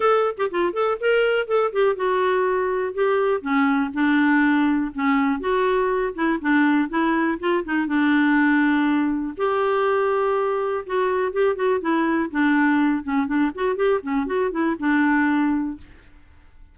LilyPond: \new Staff \with { instrumentName = "clarinet" } { \time 4/4 \tempo 4 = 122 a'8. g'16 f'8 a'8 ais'4 a'8 g'8 | fis'2 g'4 cis'4 | d'2 cis'4 fis'4~ | fis'8 e'8 d'4 e'4 f'8 dis'8 |
d'2. g'4~ | g'2 fis'4 g'8 fis'8 | e'4 d'4. cis'8 d'8 fis'8 | g'8 cis'8 fis'8 e'8 d'2 | }